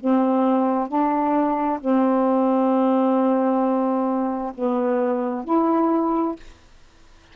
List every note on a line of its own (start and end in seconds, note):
0.00 0.88 C4
0.88 1.79 D4
1.80 4.53 C4
4.55 5.45 B3
5.45 6.36 E4